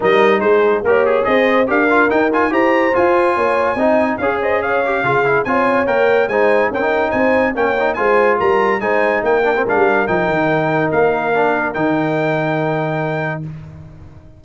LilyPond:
<<
  \new Staff \with { instrumentName = "trumpet" } { \time 4/4 \tempo 4 = 143 dis''4 c''4 ais'8 gis'8 dis''4 | f''4 g''8 gis''8 ais''4 gis''4~ | gis''2 f''8 dis''8 f''4~ | f''4 gis''4 g''4 gis''4 |
g''4 gis''4 g''4 gis''4 | ais''4 gis''4 g''4 f''4 | g''2 f''2 | g''1 | }
  \new Staff \with { instrumentName = "horn" } { \time 4/4 ais'4 gis'4 cis''4 c''4 | ais'2 c''2 | cis''4 dis''4 cis''8 c''8 cis''4 | gis'4 cis''2 c''4 |
ais'4 c''4 cis''4 c''4 | ais'4 c''4 ais'2~ | ais'1~ | ais'1 | }
  \new Staff \with { instrumentName = "trombone" } { \time 4/4 dis'2 g'4 gis'4 | g'8 f'8 dis'8 f'8 g'4 f'4~ | f'4 dis'4 gis'4. g'8 | f'8 e'8 f'4 ais'4 dis'4 |
c'16 dis'4.~ dis'16 cis'8 dis'8 f'4~ | f'4 dis'4. d'16 c'16 d'4 | dis'2. d'4 | dis'1 | }
  \new Staff \with { instrumentName = "tuba" } { \time 4/4 g4 gis4 ais4 c'4 | d'4 dis'4 e'4 f'4 | ais4 c'4 cis'2 | cis4 c'4 ais4 gis4 |
cis'4 c'4 ais4 gis4 | g4 gis4 ais4 gis16 g8. | f8 dis4. ais2 | dis1 | }
>>